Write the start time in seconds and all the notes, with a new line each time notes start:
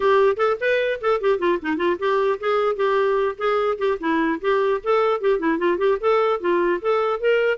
0.00 G4
0.36 A4
0.60 B4
1.01 A4
1.20 G4
1.38 F4
1.62 D#4
1.77 F4
1.99 G4
2.40 G#4
2.76 G4
3.38 G#4
3.78 G4
4.00 E4
4.41 G4
4.83 A4
5.20 G4
5.39 E4
5.58 F4
5.77 G4
6.00 A4
6.40 F4
6.81 A4
7.19 A#4